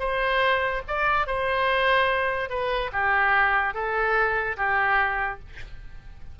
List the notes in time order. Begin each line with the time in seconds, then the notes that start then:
0.00 C5
0.88 D5
1.27 C5
2.50 B4
2.93 G4
3.74 A4
4.57 G4